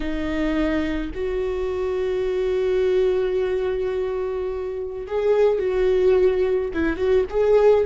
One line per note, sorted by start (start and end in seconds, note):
0.00 1.11 D#4
1.14 5.06 F#4
5.07 5.58 G#4
5.58 6.71 F#4
6.73 6.96 E4
6.96 7.24 F#4
7.29 7.85 G#4